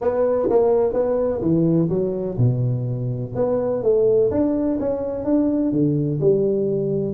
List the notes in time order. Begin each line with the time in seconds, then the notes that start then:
0.01 B3
0.49 A#3
0.93 B3
1.41 E3
1.89 F#3
2.37 B2
3.35 B3
3.82 A3
4.30 D4
4.79 C#4
5.24 D4
5.72 D3
6.20 G3